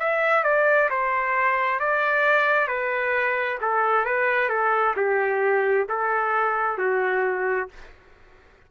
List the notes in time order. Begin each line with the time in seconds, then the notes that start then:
0.00 E5
0.44 D5
0.90 C5
1.80 D5
2.68 B4
3.62 A4
4.05 B4
4.50 A4
4.97 G4
5.89 A4
6.79 F#4